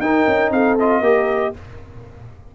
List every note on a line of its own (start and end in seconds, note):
0.00 0.25 D#4
0.00 0.79 D#4
0.00 0.53 A#4
0.00 0.51 G5
0.27 0.51 C#4
0.51 1.01 C4
0.51 1.03 A4
0.51 0.78 F5
0.79 1.03 F4
0.79 1.55 D#5
1.01 1.51 A#3
1.01 1.54 G4
1.01 1.53 A#4